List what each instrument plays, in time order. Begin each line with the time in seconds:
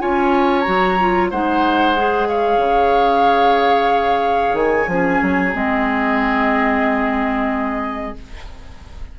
0.00 bassoon C#4, clarinet F4, oboe C#5, flute G#5
0.61 clarinet F#4, flute A#5
0.68 bassoon F#3
0.99 clarinet F4
1.31 bassoon G#3, clarinet D#4, oboe C5, flute F#5
1.96 clarinet G#4
2.28 oboe C#5, flute F5
2.58 bassoon C#3
4.54 bassoon D#3, flute G#5
4.87 bassoon F3, clarinet C#4, oboe G#4
5.22 bassoon F#3
5.52 bassoon G#3, clarinet C4, flute D#5